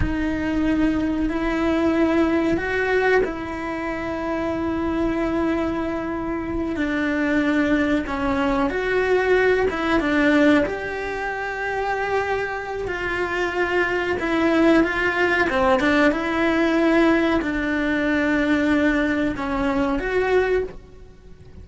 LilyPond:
\new Staff \with { instrumentName = "cello" } { \time 4/4 \tempo 4 = 93 dis'2 e'2 | fis'4 e'2.~ | e'2~ e'8 d'4.~ | d'8 cis'4 fis'4. e'8 d'8~ |
d'8 g'2.~ g'8 | f'2 e'4 f'4 | c'8 d'8 e'2 d'4~ | d'2 cis'4 fis'4 | }